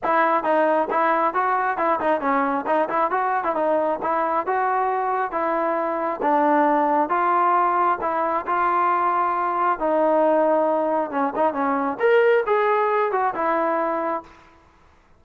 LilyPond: \new Staff \with { instrumentName = "trombone" } { \time 4/4 \tempo 4 = 135 e'4 dis'4 e'4 fis'4 | e'8 dis'8 cis'4 dis'8 e'8 fis'8. e'16 | dis'4 e'4 fis'2 | e'2 d'2 |
f'2 e'4 f'4~ | f'2 dis'2~ | dis'4 cis'8 dis'8 cis'4 ais'4 | gis'4. fis'8 e'2 | }